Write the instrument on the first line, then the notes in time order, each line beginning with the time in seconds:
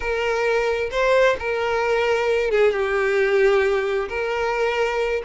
violin
0.00 A#4
0.91 C5
1.39 A#4
2.50 G#4
2.72 G4
4.08 A#4